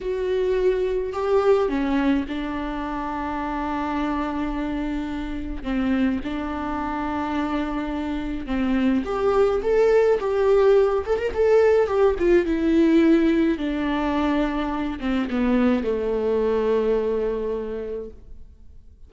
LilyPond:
\new Staff \with { instrumentName = "viola" } { \time 4/4 \tempo 4 = 106 fis'2 g'4 cis'4 | d'1~ | d'2 c'4 d'4~ | d'2. c'4 |
g'4 a'4 g'4. a'16 ais'16 | a'4 g'8 f'8 e'2 | d'2~ d'8 c'8 b4 | a1 | }